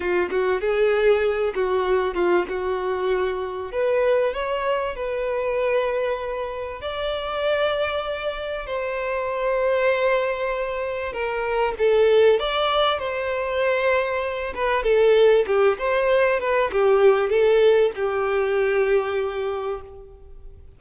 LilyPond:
\new Staff \with { instrumentName = "violin" } { \time 4/4 \tempo 4 = 97 f'8 fis'8 gis'4. fis'4 f'8 | fis'2 b'4 cis''4 | b'2. d''4~ | d''2 c''2~ |
c''2 ais'4 a'4 | d''4 c''2~ c''8 b'8 | a'4 g'8 c''4 b'8 g'4 | a'4 g'2. | }